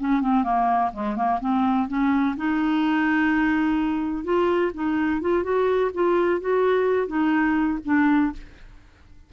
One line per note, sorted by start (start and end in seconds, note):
0.00 0.22 C#4
0.22 0.44 C4
0.44 0.92 A#3
0.93 1.16 G#3
1.16 1.40 A#3
1.41 1.88 C4
1.88 2.36 C#4
2.37 4.25 D#4
4.25 4.72 F4
4.74 5.22 D#4
5.22 5.44 F4
5.44 5.91 F#4
5.95 6.41 F4
6.41 7.08 F#4
7.08 7.79 D#4
7.85 8.33 D4